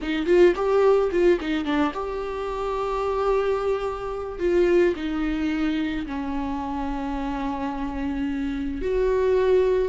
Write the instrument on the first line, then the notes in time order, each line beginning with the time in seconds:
viola
0.01 D#4
0.26 F4
0.55 G4
1.11 F4
1.40 D#4
1.65 D4
1.93 G4
4.39 F4
4.95 D#4
6.06 C#4
8.81 F#4